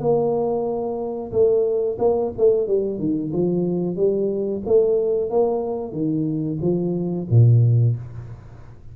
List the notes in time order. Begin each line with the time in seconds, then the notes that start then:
0.00 A#3
1.32 A3
1.99 A#3
2.38 A3
2.68 G3
2.99 D#3
3.33 F3
3.96 G3
4.66 A3
5.30 A#3
5.93 D#3
6.62 F3
7.31 A#2